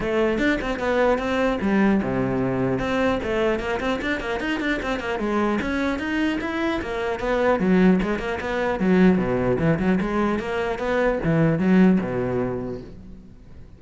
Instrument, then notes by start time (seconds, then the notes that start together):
cello
0.00 A3
0.38 D4
0.61 C4
0.79 B3
1.18 C4
1.61 G3
2.02 C3
2.79 C4
3.23 A3
3.59 A#3
3.80 C4
4.01 D4
4.20 A#3
4.40 D#4
4.60 D4
4.82 C4
4.99 A#3
5.19 G#3
5.61 C#4
5.98 D#4
6.40 E4
6.81 A#3
7.19 B3
7.59 F#3
8.02 G#3
8.18 A#3
8.40 B3
8.79 F#3
9.18 B2
9.58 E3
9.79 F#3
10.00 G#3
10.39 A#3
10.78 B3
11.23 E3
11.58 F#3
12.00 B2